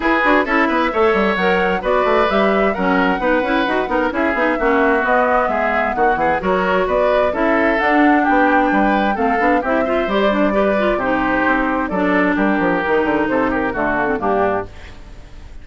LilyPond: <<
  \new Staff \with { instrumentName = "flute" } { \time 4/4 \tempo 4 = 131 b'4 e''2 fis''4 | d''4 e''4 fis''2~ | fis''4 e''2 dis''4 | e''4 fis''4 cis''4 d''4 |
e''4 fis''4 g''2 | f''4 e''4 d''2 | c''2 d''4 ais'4~ | ais'4 c''8 ais'8 a'4 g'4 | }
  \new Staff \with { instrumentName = "oboe" } { \time 4/4 gis'4 a'8 b'8 cis''2 | b'2 ais'4 b'4~ | b'8 ais'8 gis'4 fis'2 | gis'4 fis'8 gis'8 ais'4 b'4 |
a'2 g'4 b'4 | a'4 g'8 c''4. b'4 | g'2 a'4 g'4~ | g'4 a'8 g'8 fis'4 d'4 | }
  \new Staff \with { instrumentName = "clarinet" } { \time 4/4 e'8 fis'8 e'4 a'4 ais'4 | fis'4 g'4 cis'4 dis'8 e'8 | fis'8 dis'8 e'8 dis'8 cis'4 b4~ | b2 fis'2 |
e'4 d'2. | c'8 d'8 e'8 f'8 g'8 d'8 g'8 f'8 | dis'2 d'2 | dis'2 a8 ais16 c'16 ais4 | }
  \new Staff \with { instrumentName = "bassoon" } { \time 4/4 e'8 d'8 cis'8 b8 a8 g8 fis4 | b8 a8 g4 fis4 b8 cis'8 | dis'8 b8 cis'8 b8 ais4 b4 | gis4 dis8 e8 fis4 b4 |
cis'4 d'4 b4 g4 | a8 b8 c'4 g2 | c4 c'4 fis4 g8 f8 | dis8 d8 c4 d4 g,4 | }
>>